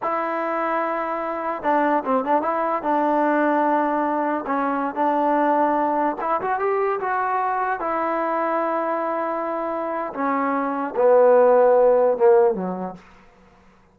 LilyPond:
\new Staff \with { instrumentName = "trombone" } { \time 4/4 \tempo 4 = 148 e'1 | d'4 c'8 d'8 e'4 d'4~ | d'2. cis'4~ | cis'16 d'2. e'8 fis'16~ |
fis'16 g'4 fis'2 e'8.~ | e'1~ | e'4 cis'2 b4~ | b2 ais4 fis4 | }